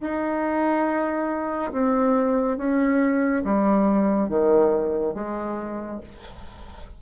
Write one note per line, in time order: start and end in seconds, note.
0.00 1.71 D#4
1.72 2.57 C4
2.57 3.43 C#4
3.44 4.29 G3
4.29 5.14 D#3
5.14 6.00 G#3